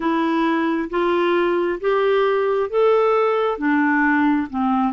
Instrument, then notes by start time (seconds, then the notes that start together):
clarinet
0.00 E4
0.90 F4
1.80 G4
2.69 A4
3.58 D4
4.50 C4